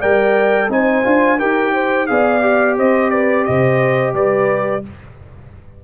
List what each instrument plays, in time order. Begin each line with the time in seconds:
0.00 tuba G3, trombone A#4, horn D5, trumpet G5
0.69 tuba C4, trombone D#4, horn C5, trumpet G#5
1.04 tuba D4, trombone F4
1.39 tuba D#4, trombone G4, horn A#4, trumpet G5
1.74 horn C5
2.07 tuba B3, trombone G#4, horn D5, trumpet F5
2.42 trombone G4
2.78 tuba C4, horn C5, trumpet D#5
3.11 horn B4, trumpet D5
3.45 tuba C3, horn C5, trumpet D#5
4.14 tuba G3, horn B4, trumpet D5